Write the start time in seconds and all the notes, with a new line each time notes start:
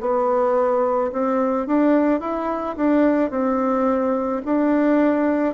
0.00 B3
1.12 C4
1.67 D4
2.20 E4
2.76 D4
3.30 C4
4.45 D4